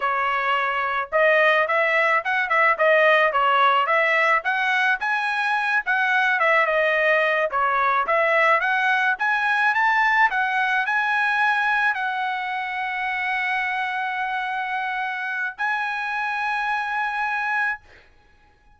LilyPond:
\new Staff \with { instrumentName = "trumpet" } { \time 4/4 \tempo 4 = 108 cis''2 dis''4 e''4 | fis''8 e''8 dis''4 cis''4 e''4 | fis''4 gis''4. fis''4 e''8 | dis''4. cis''4 e''4 fis''8~ |
fis''8 gis''4 a''4 fis''4 gis''8~ | gis''4. fis''2~ fis''8~ | fis''1 | gis''1 | }